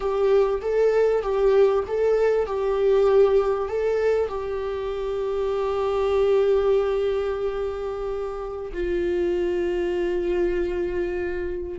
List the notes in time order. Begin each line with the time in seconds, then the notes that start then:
0.00 G4
0.61 A4
1.22 G4
1.87 A4
2.46 G4
3.68 A4
4.28 G4
8.73 F4